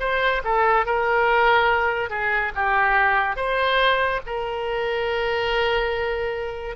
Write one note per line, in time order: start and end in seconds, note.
0.00 0.42 C5
0.45 0.86 A4
0.86 2.10 A#4
2.10 2.52 G#4
2.55 3.36 G4
3.36 4.21 C5
4.26 6.76 A#4